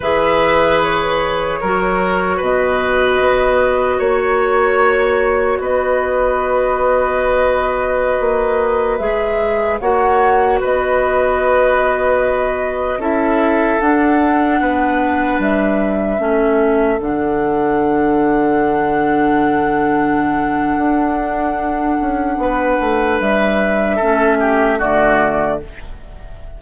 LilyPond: <<
  \new Staff \with { instrumentName = "flute" } { \time 4/4 \tempo 4 = 75 e''4 cis''2 dis''4~ | dis''4 cis''2 dis''4~ | dis''2.~ dis''16 e''8.~ | e''16 fis''4 dis''2~ dis''8.~ |
dis''16 e''4 fis''2 e''8.~ | e''4~ e''16 fis''2~ fis''8.~ | fis''1~ | fis''4 e''2 d''4 | }
  \new Staff \with { instrumentName = "oboe" } { \time 4/4 b'2 ais'4 b'4~ | b'4 cis''2 b'4~ | b'1~ | b'16 cis''4 b'2~ b'8.~ |
b'16 a'2 b'4.~ b'16~ | b'16 a'2.~ a'8.~ | a'1 | b'2 a'8 g'8 fis'4 | }
  \new Staff \with { instrumentName = "clarinet" } { \time 4/4 gis'2 fis'2~ | fis'1~ | fis'2.~ fis'16 gis'8.~ | gis'16 fis'2.~ fis'8.~ |
fis'16 e'4 d'2~ d'8.~ | d'16 cis'4 d'2~ d'8.~ | d'1~ | d'2 cis'4 a4 | }
  \new Staff \with { instrumentName = "bassoon" } { \time 4/4 e2 fis4 b,4 | b4 ais2 b4~ | b2~ b16 ais4 gis8.~ | gis16 ais4 b2~ b8.~ |
b16 cis'4 d'4 b4 g8.~ | g16 a4 d2~ d8.~ | d2 d'4. cis'8 | b8 a8 g4 a4 d4 | }
>>